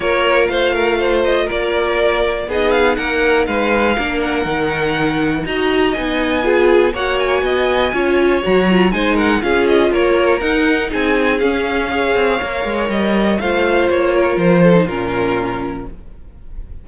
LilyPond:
<<
  \new Staff \with { instrumentName = "violin" } { \time 4/4 \tempo 4 = 121 cis''4 f''4. dis''8 d''4~ | d''4 dis''8 f''8 fis''4 f''4~ | f''8 fis''2~ fis''8 ais''4 | gis''2 fis''8 gis''4.~ |
gis''4 ais''4 gis''8 fis''8 f''8 dis''8 | cis''4 fis''4 gis''4 f''4~ | f''2 dis''4 f''4 | cis''4 c''4 ais'2 | }
  \new Staff \with { instrumentName = "violin" } { \time 4/4 ais'4 c''8 ais'8 c''4 ais'4~ | ais'4 gis'4 ais'4 b'4 | ais'2. dis''4~ | dis''4 gis'4 cis''4 dis''4 |
cis''2 c''8 ais'8 gis'4 | ais'2 gis'2 | cis''2. c''4~ | c''8 ais'4 a'8 f'2 | }
  \new Staff \with { instrumentName = "viola" } { \time 4/4 f'1~ | f'4 dis'2. | d'4 dis'2 fis'4 | dis'4 f'4 fis'2 |
f'4 fis'8 f'8 dis'4 f'4~ | f'4 dis'2 cis'4 | gis'4 ais'2 f'4~ | f'4.~ f'16 dis'16 cis'2 | }
  \new Staff \with { instrumentName = "cello" } { \time 4/4 ais4 a2 ais4~ | ais4 b4 ais4 gis4 | ais4 dis2 dis'4 | b2 ais4 b4 |
cis'4 fis4 gis4 cis'4 | ais4 dis'4 c'4 cis'4~ | cis'8 c'8 ais8 gis8 g4 a4 | ais4 f4 ais,2 | }
>>